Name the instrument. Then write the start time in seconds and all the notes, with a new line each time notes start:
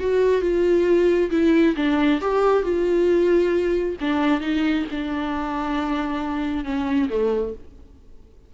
viola
0.00 F#4
0.42 F4
1.31 E4
1.76 D4
2.21 G4
2.63 F4
4.01 D4
4.41 D#4
4.92 D4
6.65 C#4
7.09 A3